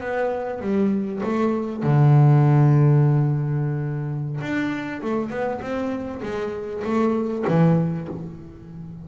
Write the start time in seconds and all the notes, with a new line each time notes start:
0.00 B3
0.61 G3
1.23 A3
1.82 D3
4.40 D4
5.01 A3
5.30 B3
5.60 C4
6.22 G#3
6.84 A3
7.47 E3